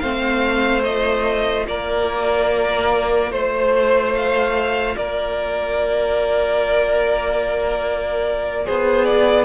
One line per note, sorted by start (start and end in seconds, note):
0.00 1.67 A3
0.00 0.85 C4
0.00 1.67 C5
0.00 0.82 F5
0.84 9.46 F4
0.84 1.66 D#5
1.67 3.32 A#3
1.67 3.32 A#4
1.67 3.32 D5
3.32 4.96 A3
3.32 4.97 C5
3.32 4.15 C5
4.15 4.97 F5
4.97 8.67 A#3
4.97 8.65 A#4
4.97 8.67 D5
8.65 9.46 B3
8.65 9.46 G#4
8.65 9.05 C5
9.05 9.46 D5